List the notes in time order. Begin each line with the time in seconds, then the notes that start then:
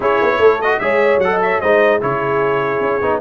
0.00 C#4 E4 G#4 C#5
0.22 B3
0.38 A3 A4
0.61 F#4 D#5
0.79 G#3 G#4 C#5 E5
1.18 F#3 A4 F#5
1.30 D#5
1.42 C#5 E5
1.60 G#3 D#4 C5 D#5
2.00 C#3 E4 G#4 C#5
2.80 C#4
3.01 B3 D#4